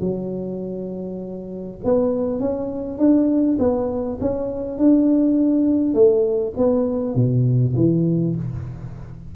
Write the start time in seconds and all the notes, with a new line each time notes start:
0.00 F#3
1.84 B3
2.40 C#4
2.98 D4
3.59 B3
4.20 C#4
4.78 D4
5.94 A3
6.57 B3
7.15 B2
7.76 E3